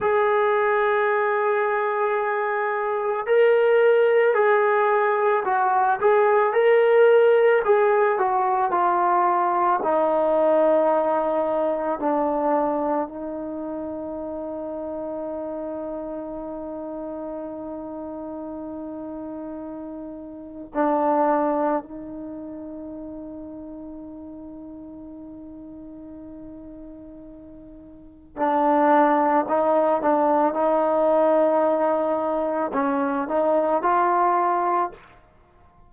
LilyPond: \new Staff \with { instrumentName = "trombone" } { \time 4/4 \tempo 4 = 55 gis'2. ais'4 | gis'4 fis'8 gis'8 ais'4 gis'8 fis'8 | f'4 dis'2 d'4 | dis'1~ |
dis'2. d'4 | dis'1~ | dis'2 d'4 dis'8 d'8 | dis'2 cis'8 dis'8 f'4 | }